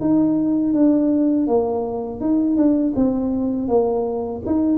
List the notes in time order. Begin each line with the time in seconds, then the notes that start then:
0.00 D#4
0.73 D4
1.47 A#3
2.20 D#4
2.56 D4
2.96 C4
3.68 A#3
4.46 D#4